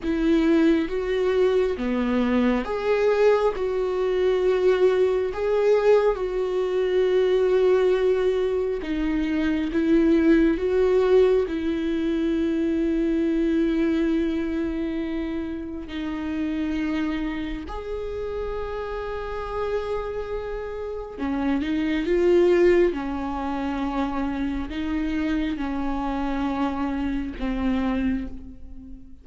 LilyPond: \new Staff \with { instrumentName = "viola" } { \time 4/4 \tempo 4 = 68 e'4 fis'4 b4 gis'4 | fis'2 gis'4 fis'4~ | fis'2 dis'4 e'4 | fis'4 e'2.~ |
e'2 dis'2 | gis'1 | cis'8 dis'8 f'4 cis'2 | dis'4 cis'2 c'4 | }